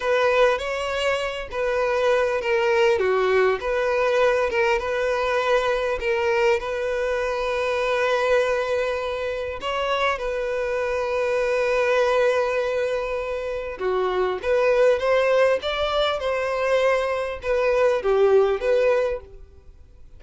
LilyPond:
\new Staff \with { instrumentName = "violin" } { \time 4/4 \tempo 4 = 100 b'4 cis''4. b'4. | ais'4 fis'4 b'4. ais'8 | b'2 ais'4 b'4~ | b'1 |
cis''4 b'2.~ | b'2. fis'4 | b'4 c''4 d''4 c''4~ | c''4 b'4 g'4 b'4 | }